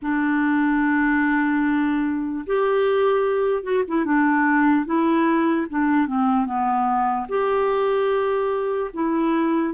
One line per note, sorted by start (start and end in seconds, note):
0.01 2.45 D4
2.46 3.63 G4
3.63 3.83 F#4
3.87 4.05 E4
4.05 4.85 D4
4.85 5.66 E4
5.69 6.07 D4
6.07 6.45 C4
6.45 7.26 B3
7.28 8.90 G4
8.93 9.74 E4